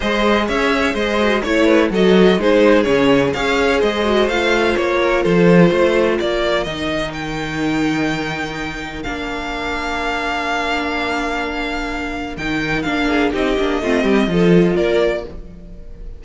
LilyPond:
<<
  \new Staff \with { instrumentName = "violin" } { \time 4/4 \tempo 4 = 126 dis''4 e''4 dis''4 cis''4 | dis''4 c''4 cis''4 f''4 | dis''4 f''4 cis''4 c''4~ | c''4 d''4 dis''4 g''4~ |
g''2. f''4~ | f''1~ | f''2 g''4 f''4 | dis''2. d''4 | }
  \new Staff \with { instrumentName = "violin" } { \time 4/4 c''4 cis''4 c''4 cis''8 b'8 | a'4 gis'2 cis''4 | c''2~ c''8 ais'8 a'4 | c''4 ais'2.~ |
ais'1~ | ais'1~ | ais'2.~ ais'8 gis'8 | g'4 f'8 g'8 a'4 ais'4 | }
  \new Staff \with { instrumentName = "viola" } { \time 4/4 gis'2~ gis'8 fis'8 e'4 | fis'4 dis'4 cis'4 gis'4~ | gis'8 fis'8 f'2.~ | f'2 dis'2~ |
dis'2. d'4~ | d'1~ | d'2 dis'4 d'4 | dis'8 d'8 c'4 f'2 | }
  \new Staff \with { instrumentName = "cello" } { \time 4/4 gis4 cis'4 gis4 a4 | fis4 gis4 cis4 cis'4 | gis4 a4 ais4 f4 | a4 ais4 dis2~ |
dis2. ais4~ | ais1~ | ais2 dis4 ais4 | c'8 ais8 a8 g8 f4 ais4 | }
>>